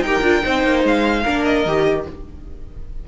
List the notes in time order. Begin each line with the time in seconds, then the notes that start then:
0.00 D#4 G5
0.06 G4 A#4
0.21 D4 F4
0.42 C4 D#4 C5
0.64 A#3
0.83 G#3 F5
1.23 A#3 D4 A#4
1.44 D#5
1.65 D#3 G4